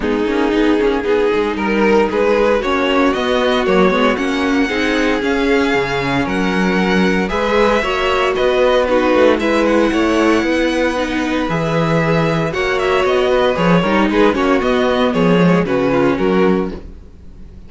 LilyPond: <<
  \new Staff \with { instrumentName = "violin" } { \time 4/4 \tempo 4 = 115 gis'2. ais'4 | b'4 cis''4 dis''4 cis''4 | fis''2 f''2 | fis''2 e''2 |
dis''4 b'4 e''8 fis''4.~ | fis''2 e''2 | fis''8 e''8 dis''4 cis''4 b'8 cis''8 | dis''4 cis''4 b'4 ais'4 | }
  \new Staff \with { instrumentName = "violin" } { \time 4/4 dis'2 gis'4 ais'4 | gis'4 fis'2.~ | fis'4 gis'2. | ais'2 b'4 cis''4 |
b'4 fis'4 b'4 cis''4 | b'1 | cis''4. b'4 ais'8 gis'8 fis'8~ | fis'4 gis'4 fis'8 f'8 fis'4 | }
  \new Staff \with { instrumentName = "viola" } { \time 4/4 b8 cis'8 dis'8 cis'8 dis'2~ | dis'4 cis'4 b4 ais8 b8 | cis'4 dis'4 cis'2~ | cis'2 gis'4 fis'4~ |
fis'4 dis'4 e'2~ | e'4 dis'4 gis'2 | fis'2 gis'8 dis'4 cis'8 | b4. gis8 cis'2 | }
  \new Staff \with { instrumentName = "cello" } { \time 4/4 gis8 ais8 b8 ais8 b8 gis8 g4 | gis4 ais4 b4 fis8 gis8 | ais4 c'4 cis'4 cis4 | fis2 gis4 ais4 |
b4. a8 gis4 a4 | b2 e2 | ais4 b4 f8 g8 gis8 ais8 | b4 f4 cis4 fis4 | }
>>